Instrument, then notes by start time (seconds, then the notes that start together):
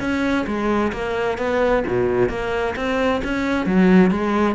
cello
0.00 C#4
0.46 G#3
0.92 A#3
1.38 B3
1.87 B2
2.29 A#3
2.76 C4
3.24 C#4
3.66 F#3
4.11 G#3